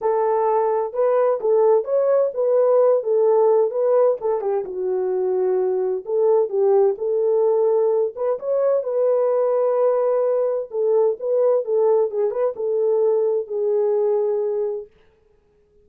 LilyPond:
\new Staff \with { instrumentName = "horn" } { \time 4/4 \tempo 4 = 129 a'2 b'4 a'4 | cis''4 b'4. a'4. | b'4 a'8 g'8 fis'2~ | fis'4 a'4 g'4 a'4~ |
a'4. b'8 cis''4 b'4~ | b'2. a'4 | b'4 a'4 gis'8 b'8 a'4~ | a'4 gis'2. | }